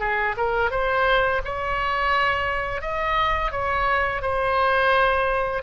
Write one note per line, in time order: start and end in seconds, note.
0.00 0.35 G#4
0.37 0.71 A#4
0.71 1.41 C5
1.44 2.81 C#5
2.81 3.51 D#5
3.51 4.22 C#5
4.22 5.63 C5